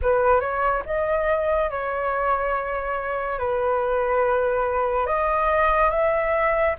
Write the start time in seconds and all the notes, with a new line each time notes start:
0.02 B4
0.40 C#5
0.85 D#5
1.70 C#5
3.38 B4
5.06 D#5
5.90 E5